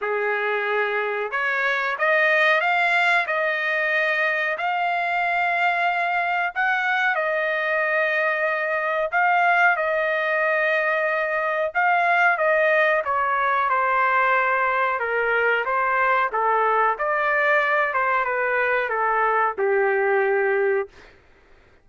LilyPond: \new Staff \with { instrumentName = "trumpet" } { \time 4/4 \tempo 4 = 92 gis'2 cis''4 dis''4 | f''4 dis''2 f''4~ | f''2 fis''4 dis''4~ | dis''2 f''4 dis''4~ |
dis''2 f''4 dis''4 | cis''4 c''2 ais'4 | c''4 a'4 d''4. c''8 | b'4 a'4 g'2 | }